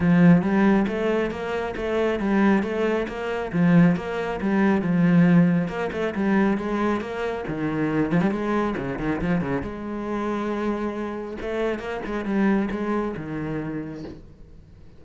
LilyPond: \new Staff \with { instrumentName = "cello" } { \time 4/4 \tempo 4 = 137 f4 g4 a4 ais4 | a4 g4 a4 ais4 | f4 ais4 g4 f4~ | f4 ais8 a8 g4 gis4 |
ais4 dis4. f16 g16 gis4 | cis8 dis8 f8 cis8 gis2~ | gis2 a4 ais8 gis8 | g4 gis4 dis2 | }